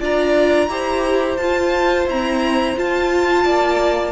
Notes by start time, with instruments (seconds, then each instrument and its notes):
0.00 cello D4, viola F4, violin D5 A#5
0.69 cello E4, viola G4, violin C5
1.37 cello F4, viola F4, violin A5
2.07 viola C4, cello E4, violin A#5
2.76 viola F4, cello F4, violin A5
3.45 cello A#3, violin D5